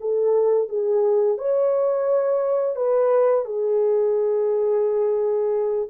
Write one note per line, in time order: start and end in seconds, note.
0.00 0.68 A4
0.68 1.38 G#4
1.38 2.76 C#5
2.76 3.45 B4
3.45 5.89 G#4